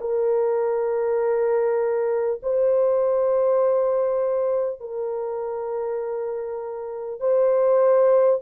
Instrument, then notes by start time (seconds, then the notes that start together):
horn
0.00 A#4
2.42 C5
4.80 A#4
7.20 C5